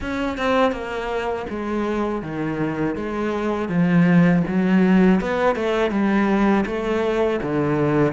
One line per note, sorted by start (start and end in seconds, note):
0.00 0.37 C#4
0.37 0.71 C4
0.71 1.45 A#3
1.49 2.22 G#3
2.22 2.95 D#3
2.95 3.68 G#3
3.68 4.42 F3
4.47 5.21 F#3
5.21 5.55 B3
5.55 5.91 A3
5.91 6.65 G3
6.66 7.40 A3
7.42 8.12 D3